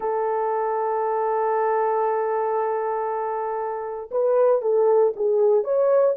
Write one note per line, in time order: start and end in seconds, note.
0.00 4.10 A4
4.11 4.61 B4
4.61 5.13 A4
5.15 5.64 G#4
5.64 6.15 C#5